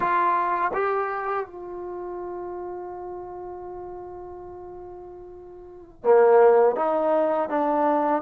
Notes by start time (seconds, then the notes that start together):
0.00 F4
0.73 G4
1.46 F4
6.03 A#3
6.76 D#4
7.49 D4